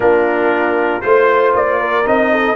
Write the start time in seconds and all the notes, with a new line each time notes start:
0.00 A#3 D4 F4 A#4
1.01 A3 F4 C5
1.54 A#3 D5
1.79 A#4
2.05 C4 D#4 D#5
2.31 A4